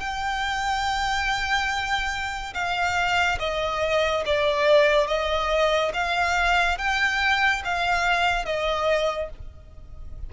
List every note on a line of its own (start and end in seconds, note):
0.00 2.54 G5
2.54 3.38 F5
3.39 4.23 D#5
4.25 5.07 D5
5.07 5.92 D#5
5.93 6.78 F5
6.78 7.62 G5
7.64 8.45 F5
8.45 9.29 D#5